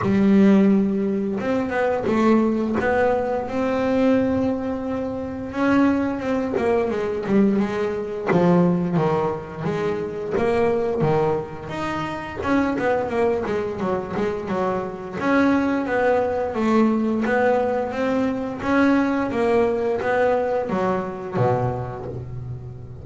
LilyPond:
\new Staff \with { instrumentName = "double bass" } { \time 4/4 \tempo 4 = 87 g2 c'8 b8 a4 | b4 c'2. | cis'4 c'8 ais8 gis8 g8 gis4 | f4 dis4 gis4 ais4 |
dis4 dis'4 cis'8 b8 ais8 gis8 | fis8 gis8 fis4 cis'4 b4 | a4 b4 c'4 cis'4 | ais4 b4 fis4 b,4 | }